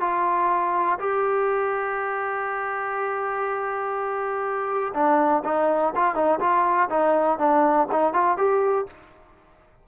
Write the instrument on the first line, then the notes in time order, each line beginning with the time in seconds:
trombone
0.00 F4
0.99 G4
4.94 D4
5.45 D#4
5.95 F4
6.15 D#4
6.40 F4
6.89 D#4
7.39 D4
7.92 D#4
8.13 F4
8.37 G4